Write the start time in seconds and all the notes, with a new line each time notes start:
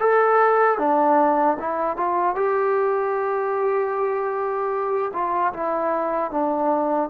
0.00 A4
0.78 D4
1.59 E4
1.97 F4
2.35 G4
5.14 F4
5.53 E4
6.31 D4